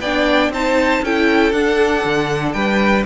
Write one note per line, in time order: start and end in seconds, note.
0.00 0.49 B3
0.00 0.53 D4
0.00 0.52 D5
0.00 0.51 G5
0.49 1.00 C4
0.49 1.04 D#4
0.49 1.04 C5
0.49 1.04 A5
1.02 1.52 C#4
1.02 1.53 E4
1.02 2.55 A4
1.02 1.52 G5
1.52 2.03 D4
1.52 3.05 D4
1.52 2.53 F#5
2.04 2.54 D3
2.53 3.05 G3
2.53 3.06 B4
2.53 3.03 G5